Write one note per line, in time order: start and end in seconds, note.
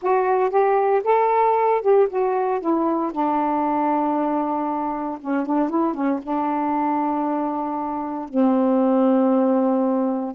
0.02 0.50 F#4
0.50 1.02 G4
1.04 1.81 A4
1.81 2.07 G4
2.09 2.60 F#4
2.60 3.12 E4
3.12 5.18 D4
5.21 5.46 C#4
5.46 5.69 D4
5.69 5.94 E4
5.94 6.20 C#4
6.22 8.28 D4
8.28 10.34 C4